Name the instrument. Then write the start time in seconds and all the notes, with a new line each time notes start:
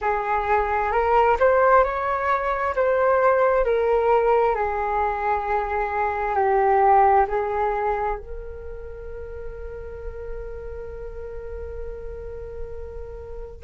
flute
0.01 G#4
0.91 A#4
1.39 C5
1.83 C#5
2.75 C5
3.64 A#4
4.55 G#4
6.35 G4
7.28 G#4
8.18 A#4